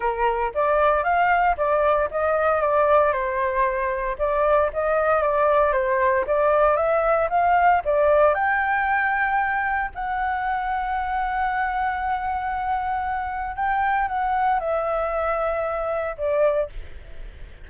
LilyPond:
\new Staff \with { instrumentName = "flute" } { \time 4/4 \tempo 4 = 115 ais'4 d''4 f''4 d''4 | dis''4 d''4 c''2 | d''4 dis''4 d''4 c''4 | d''4 e''4 f''4 d''4 |
g''2. fis''4~ | fis''1~ | fis''2 g''4 fis''4 | e''2. d''4 | }